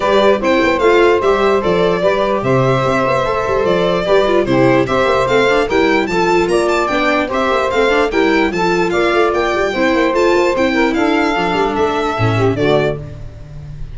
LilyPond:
<<
  \new Staff \with { instrumentName = "violin" } { \time 4/4 \tempo 4 = 148 d''4 g''4 f''4 e''4 | d''2 e''2~ | e''4 d''2 c''4 | e''4 f''4 g''4 a''4 |
ais''8 a''8 g''4 e''4 f''4 | g''4 a''4 f''4 g''4~ | g''4 a''4 g''4 f''4~ | f''4 e''2 d''4 | }
  \new Staff \with { instrumentName = "saxophone" } { \time 4/4 b'4 c''2.~ | c''4 b'4 c''2~ | c''2 b'4 g'4 | c''2 ais'4 a'4 |
d''2 c''2 | ais'4 a'4 d''2 | c''2~ c''8 ais'8 a'4~ | a'2~ a'8 g'8 fis'4 | }
  \new Staff \with { instrumentName = "viola" } { \time 4/4 g'4 e'4 f'4 g'4 | a'4 g'2. | a'2 g'8 f'8 e'4 | g'4 c'8 d'8 e'4 f'4~ |
f'4 d'4 g'4 c'8 d'8 | e'4 f'2. | e'4 f'4 e'2 | d'2 cis'4 a4 | }
  \new Staff \with { instrumentName = "tuba" } { \time 4/4 g4 c'8 b8 a4 g4 | f4 g4 c4 c'8 b8 | a8 g8 f4 g4 c4 | c'8 ais8 a4 g4 f4 |
ais4 b4 c'8 ais8 a4 | g4 f4 ais8 a8 ais8 g8 | c'8 ais8 a8 ais8 c'4 d'4 | f8 g8 a4 a,4 d4 | }
>>